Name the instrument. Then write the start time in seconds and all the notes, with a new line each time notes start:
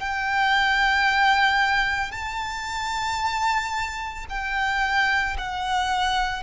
violin
0.00 G5
2.12 A5
4.30 G5
5.38 F#5